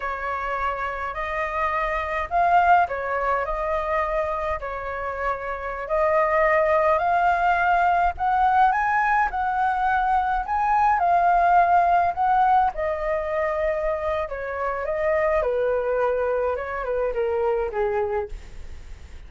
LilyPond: \new Staff \with { instrumentName = "flute" } { \time 4/4 \tempo 4 = 105 cis''2 dis''2 | f''4 cis''4 dis''2 | cis''2~ cis''16 dis''4.~ dis''16~ | dis''16 f''2 fis''4 gis''8.~ |
gis''16 fis''2 gis''4 f''8.~ | f''4~ f''16 fis''4 dis''4.~ dis''16~ | dis''4 cis''4 dis''4 b'4~ | b'4 cis''8 b'8 ais'4 gis'4 | }